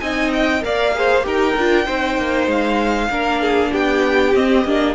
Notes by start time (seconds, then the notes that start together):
0.00 C4 D#4 D#5 G#5
0.33 G5
0.61 A#3 A#4 D5 F5
0.94 G#4 C5
1.22 D#4 G4 A#4 G5
1.56 D4 F4
1.85 C4 D#4 C5
2.18 A#3
2.47 G#3 F5
3.09 A#3 D4 A#4
3.41 G#4
3.71 B3 G4 G5
4.34 C4 D#5
4.65 A#3 D4